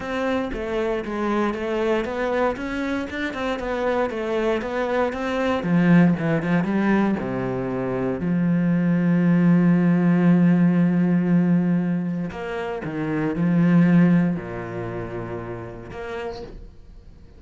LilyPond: \new Staff \with { instrumentName = "cello" } { \time 4/4 \tempo 4 = 117 c'4 a4 gis4 a4 | b4 cis'4 d'8 c'8 b4 | a4 b4 c'4 f4 | e8 f8 g4 c2 |
f1~ | f1 | ais4 dis4 f2 | ais,2. ais4 | }